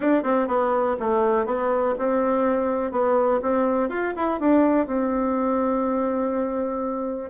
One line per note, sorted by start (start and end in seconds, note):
0.00 0.23 D4
0.23 0.47 C4
0.47 0.96 B3
0.99 1.45 A3
1.45 1.94 B3
1.98 2.91 C4
2.91 3.40 B3
3.41 3.89 C4
3.89 4.13 F4
4.16 4.40 E4
4.40 4.86 D4
4.86 7.30 C4